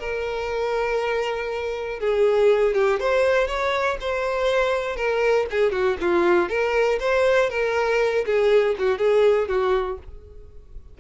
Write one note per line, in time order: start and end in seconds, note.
0.00 2.00 A#4
2.00 2.75 G#4
2.75 3.00 G4
3.00 3.47 C5
3.47 3.97 C#5
4.01 4.96 C5
4.96 5.46 A#4
5.51 5.72 G#4
5.72 5.97 F#4
6.01 6.49 F4
6.49 6.99 A#4
7.00 7.50 C5
7.50 8.25 A#4
8.26 8.76 G#4
8.79 8.99 F#4
8.99 9.48 G#4
9.48 9.98 F#4